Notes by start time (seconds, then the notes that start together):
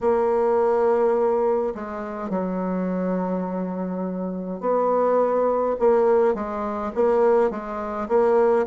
0.01 A#3
1.75 G#3
2.29 F#3
4.60 B3
5.78 A#3
6.34 G#3
6.94 A#3
7.50 G#3
8.08 A#3